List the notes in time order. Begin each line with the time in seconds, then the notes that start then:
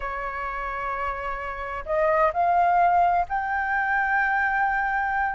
0.00 C#5
1.85 D#5
2.33 F5
3.28 G5